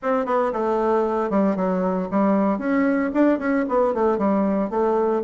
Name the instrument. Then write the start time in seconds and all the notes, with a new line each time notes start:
bassoon
0.02 C4
0.25 B3
0.52 A3
1.29 G3
1.56 F#3
2.10 G3
2.58 C#4
3.13 D4
3.39 C#4
3.68 B3
3.94 A3
4.18 G3
4.70 A3